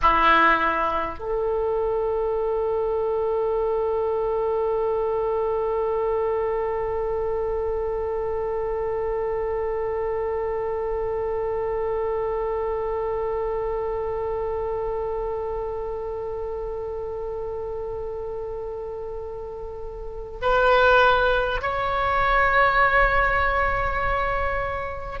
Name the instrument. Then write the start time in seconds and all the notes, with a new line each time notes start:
oboe
0.02 E4
1.18 A4
20.41 B4
21.61 C#5